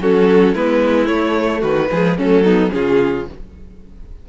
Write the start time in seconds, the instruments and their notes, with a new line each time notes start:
0.00 cello F#3, viola C#4, violin F#4 A4
0.55 cello G#3, viola B3, violin E4 B4
1.06 viola A3, cello A3, violin C#5
1.61 cello D#3, violin F#4 B4
1.91 cello F3, viola G#3, violin G#4
2.18 cello F#3, viola A3, violin C#4 A4
2.44 viola B3, violin D#4
2.71 cello C#3, viola C#4, violin F4 G#4